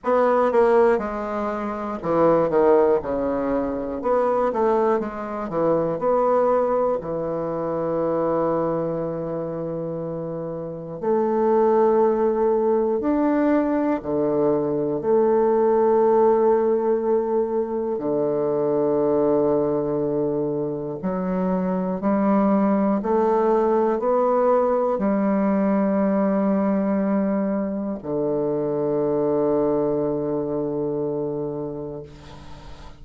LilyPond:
\new Staff \with { instrumentName = "bassoon" } { \time 4/4 \tempo 4 = 60 b8 ais8 gis4 e8 dis8 cis4 | b8 a8 gis8 e8 b4 e4~ | e2. a4~ | a4 d'4 d4 a4~ |
a2 d2~ | d4 fis4 g4 a4 | b4 g2. | d1 | }